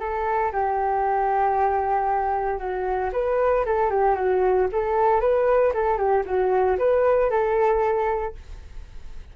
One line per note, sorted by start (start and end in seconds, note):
0.00 0.52 A4
0.53 2.59 G4
2.59 3.11 F#4
3.13 3.65 B4
3.66 3.90 A4
3.90 4.15 G4
4.15 4.68 F#4
4.72 5.21 A4
5.21 5.73 B4
5.74 5.98 A4
5.98 6.24 G4
6.26 6.78 F#4
6.78 7.31 B4
7.31 8.35 A4